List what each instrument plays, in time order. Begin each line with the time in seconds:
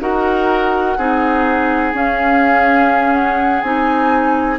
0.00 bassoon D#4, clarinet F#4, oboe A#4, flute F#5
0.97 bassoon C4, clarinet D#4, oboe G#4
1.94 bassoon C#4, clarinet C#4, flute F5
3.14 flute F#5
3.61 bassoon C4, clarinet D#4, flute G#5